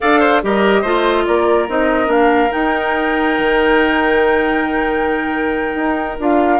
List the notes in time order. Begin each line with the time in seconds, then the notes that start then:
0.01 D4 A4 D5 F5
0.19 C5
0.43 G3 G4 A#4 D#5
0.81 A3 F4 C5
1.25 A#3 A#4 D5
1.68 C4 D#4 D#5
2.06 A#3 D4 F5
2.51 D#4 G5
3.38 D#3
5.75 D#4
6.19 D4 F4 F5